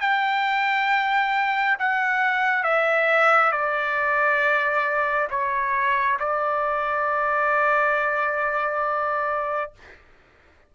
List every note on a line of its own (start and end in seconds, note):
0.00 1.76 G5
1.79 2.63 F#5
2.63 3.51 E5
3.51 5.28 D5
5.30 6.18 C#5
6.19 9.72 D5